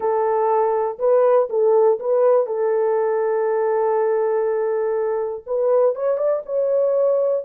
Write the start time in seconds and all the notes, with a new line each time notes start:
0.00 A4
0.98 B4
1.49 A4
1.99 B4
2.46 A4
5.46 B4
5.95 C#5
6.17 D5
6.45 C#5